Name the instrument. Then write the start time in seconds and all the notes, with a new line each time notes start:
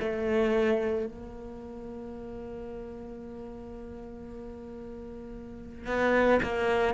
cello
0.00 A3
1.07 A#3
5.87 B3
6.43 A#3